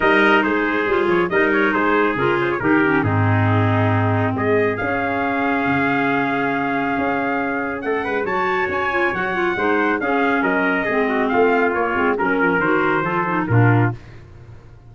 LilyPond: <<
  \new Staff \with { instrumentName = "trumpet" } { \time 4/4 \tempo 4 = 138 dis''4 c''4. cis''8 dis''8 cis''8 | c''4 ais'8 c''16 cis''16 ais'4 gis'4~ | gis'2 dis''4 f''4~ | f''1~ |
f''2 fis''4 a''4 | gis''4 fis''2 f''4 | dis''2 f''4 cis''4 | ais'4 c''2 ais'4 | }
  \new Staff \with { instrumentName = "trumpet" } { \time 4/4 ais'4 gis'2 ais'4 | gis'2 g'4 dis'4~ | dis'2 gis'2~ | gis'1~ |
gis'2 a'8 b'8 cis''4~ | cis''2 c''4 gis'4 | ais'4 gis'8 fis'8 f'2 | ais'2 a'4 f'4 | }
  \new Staff \with { instrumentName = "clarinet" } { \time 4/4 dis'2 f'4 dis'4~ | dis'4 f'4 dis'8 cis'8 c'4~ | c'2. cis'4~ | cis'1~ |
cis'2. fis'4~ | fis'8 f'8 fis'8 f'8 dis'4 cis'4~ | cis'4 c'2 ais8 c'8 | cis'4 fis'4 f'8 dis'8 d'4 | }
  \new Staff \with { instrumentName = "tuba" } { \time 4/4 g4 gis4 g8 f8 g4 | gis4 cis4 dis4 gis,4~ | gis,2 gis4 cis'4~ | cis'4 cis2. |
cis'2 a8 gis8 fis4 | cis'4 fis4 gis4 cis'4 | fis4 gis4 a4 ais8 gis8 | fis8 f8 dis4 f4 ais,4 | }
>>